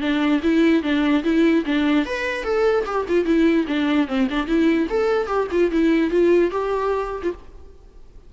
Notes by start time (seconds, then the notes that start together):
0.00 D4
0.43 E4
0.82 D4
1.23 E4
1.65 D4
2.05 B4
2.43 A4
2.85 G4
3.08 F4
3.25 E4
3.67 D4
4.07 C4
4.30 D4
4.47 E4
4.89 A4
5.27 G4
5.51 F4
5.71 E4
6.10 F4
6.51 G4
7.23 F4